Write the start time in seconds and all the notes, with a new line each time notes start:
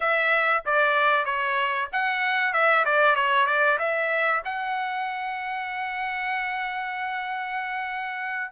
0.00 E5
0.65 D5
1.25 C#5
1.92 F#5
2.53 E5
2.84 D5
3.16 C#5
3.46 D5
3.79 E5
4.44 F#5